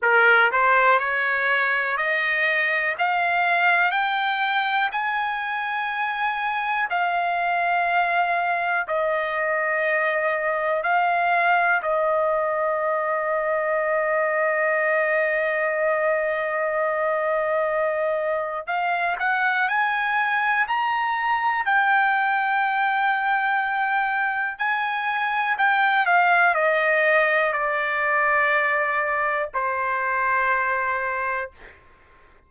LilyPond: \new Staff \with { instrumentName = "trumpet" } { \time 4/4 \tempo 4 = 61 ais'8 c''8 cis''4 dis''4 f''4 | g''4 gis''2 f''4~ | f''4 dis''2 f''4 | dis''1~ |
dis''2. f''8 fis''8 | gis''4 ais''4 g''2~ | g''4 gis''4 g''8 f''8 dis''4 | d''2 c''2 | }